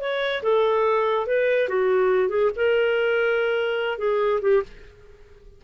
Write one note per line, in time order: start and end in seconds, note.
0.00 0.42 C#5
0.42 1.26 A4
1.26 1.68 B4
1.68 2.29 F#4
2.29 2.50 G#4
2.56 3.98 A#4
3.98 4.40 G#4
4.41 4.62 G4